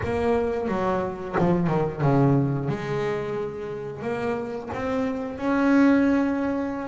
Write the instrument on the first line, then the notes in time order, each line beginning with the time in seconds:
double bass
0.03 A#3
0.68 F#3
1.38 F3
1.67 D#3
2.01 C#3
2.68 G#3
4.01 A#3
4.73 C4
5.37 C#4